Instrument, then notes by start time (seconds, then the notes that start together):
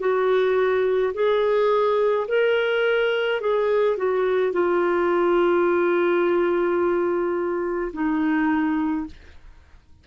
clarinet
0.00 F#4
1.14 G#4
2.28 A#4
3.41 G#4
3.97 F#4
4.53 F4
7.93 D#4